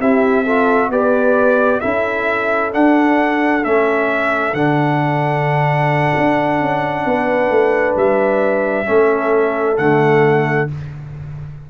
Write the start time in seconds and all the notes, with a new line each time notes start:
0.00 C4 E4 G4 E5
0.45 F4 A4
0.90 B3 G4 B4 D5
1.80 C#4 E4 A4 E5
2.73 D4 F#5
3.64 A3 C#4 E5
4.54 D3 D4 F#5
6.16 D4
6.60 C#4
7.05 B3 B4
7.50 A3
7.96 G3 E5
8.86 A3 C#4 A4
9.77 D3 A3 F#5